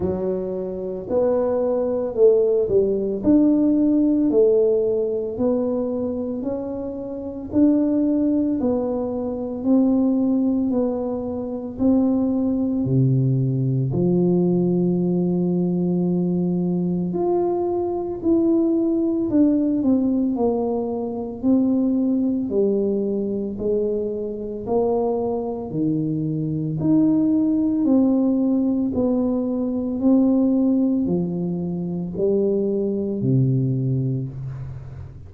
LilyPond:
\new Staff \with { instrumentName = "tuba" } { \time 4/4 \tempo 4 = 56 fis4 b4 a8 g8 d'4 | a4 b4 cis'4 d'4 | b4 c'4 b4 c'4 | c4 f2. |
f'4 e'4 d'8 c'8 ais4 | c'4 g4 gis4 ais4 | dis4 dis'4 c'4 b4 | c'4 f4 g4 c4 | }